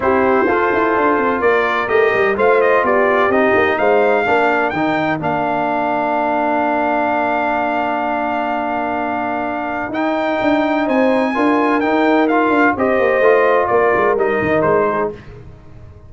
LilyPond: <<
  \new Staff \with { instrumentName = "trumpet" } { \time 4/4 \tempo 4 = 127 c''2. d''4 | dis''4 f''8 dis''8 d''4 dis''4 | f''2 g''4 f''4~ | f''1~ |
f''1~ | f''4 g''2 gis''4~ | gis''4 g''4 f''4 dis''4~ | dis''4 d''4 dis''4 c''4 | }
  \new Staff \with { instrumentName = "horn" } { \time 4/4 g'4 a'2 ais'4~ | ais'4 c''4 g'2 | c''4 ais'2.~ | ais'1~ |
ais'1~ | ais'2. c''4 | ais'2. c''4~ | c''4 ais'2~ ais'8 gis'8 | }
  \new Staff \with { instrumentName = "trombone" } { \time 4/4 e'4 f'2. | g'4 f'2 dis'4~ | dis'4 d'4 dis'4 d'4~ | d'1~ |
d'1~ | d'4 dis'2. | f'4 dis'4 f'4 g'4 | f'2 dis'2 | }
  \new Staff \with { instrumentName = "tuba" } { \time 4/4 c'4 f'8 e'8 d'8 c'8 ais4 | a8 g8 a4 b4 c'8 ais8 | gis4 ais4 dis4 ais4~ | ais1~ |
ais1~ | ais4 dis'4 d'4 c'4 | d'4 dis'4. d'8 c'8 ais8 | a4 ais8 gis8 g8 dis8 gis4 | }
>>